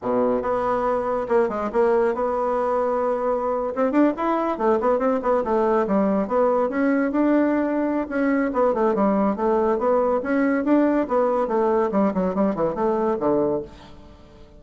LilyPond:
\new Staff \with { instrumentName = "bassoon" } { \time 4/4 \tempo 4 = 141 b,4 b2 ais8 gis8 | ais4 b2.~ | b8. c'8 d'8 e'4 a8 b8 c'16~ | c'16 b8 a4 g4 b4 cis'16~ |
cis'8. d'2~ d'16 cis'4 | b8 a8 g4 a4 b4 | cis'4 d'4 b4 a4 | g8 fis8 g8 e8 a4 d4 | }